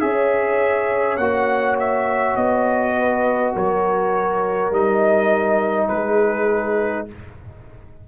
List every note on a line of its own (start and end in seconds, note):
0.00 1.17 C#4
0.00 1.18 G#4
0.00 2.97 C#5
0.00 1.17 E5
1.17 2.35 A#3
1.17 4.73 F#4
1.17 1.76 F#5
1.79 2.36 E5
2.36 3.54 B3
2.36 3.54 D#5
2.99 3.53 B4
3.53 4.70 F#3
3.53 5.89 A#4
3.53 4.74 C#5
4.70 5.88 G3
4.70 7.08 D#4
4.70 5.88 D#5
5.88 7.08 G#3
5.88 7.08 G#4
5.88 7.06 B4